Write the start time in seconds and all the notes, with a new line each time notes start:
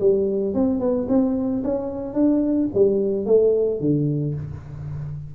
0.00 G3
0.55 C4
0.80 B3
1.09 C4
1.64 C#4
2.14 D4
2.74 G3
3.26 A3
3.81 D3